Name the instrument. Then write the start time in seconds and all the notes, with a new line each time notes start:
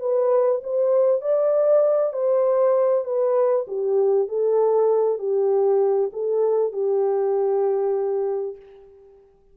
horn
0.00 B4
0.64 C5
1.22 D5
2.13 C5
3.05 B4
3.68 G4
4.28 A4
5.19 G4
6.13 A4
6.73 G4